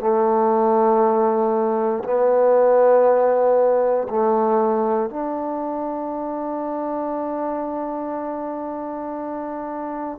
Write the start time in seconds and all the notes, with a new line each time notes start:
0.00 A3
2.04 B3
4.09 A3
5.10 D4